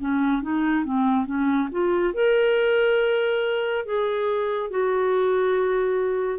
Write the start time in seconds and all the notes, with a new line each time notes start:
0.00 C#4
0.42 D#4
0.85 C4
1.26 C#4
1.72 F4
2.14 A#4
3.86 G#4
4.70 F#4